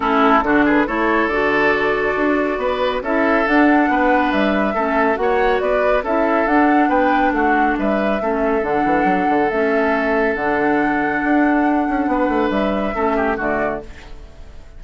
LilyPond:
<<
  \new Staff \with { instrumentName = "flute" } { \time 4/4 \tempo 4 = 139 a'4. b'8 cis''4 d''4~ | d''2. e''4 | fis''2 e''2 | fis''4 d''4 e''4 fis''4 |
g''4 fis''4 e''2 | fis''2 e''2 | fis''1~ | fis''4 e''2 d''4 | }
  \new Staff \with { instrumentName = "oboe" } { \time 4/4 e'4 fis'8 gis'8 a'2~ | a'2 b'4 a'4~ | a'4 b'2 a'4 | cis''4 b'4 a'2 |
b'4 fis'4 b'4 a'4~ | a'1~ | a'1 | b'2 a'8 g'8 fis'4 | }
  \new Staff \with { instrumentName = "clarinet" } { \time 4/4 cis'4 d'4 e'4 fis'4~ | fis'2. e'4 | d'2. cis'4 | fis'2 e'4 d'4~ |
d'2. cis'4 | d'2 cis'2 | d'1~ | d'2 cis'4 a4 | }
  \new Staff \with { instrumentName = "bassoon" } { \time 4/4 a4 d4 a4 d4~ | d4 d'4 b4 cis'4 | d'4 b4 g4 a4 | ais4 b4 cis'4 d'4 |
b4 a4 g4 a4 | d8 e8 fis8 d8 a2 | d2 d'4. cis'8 | b8 a8 g4 a4 d4 | }
>>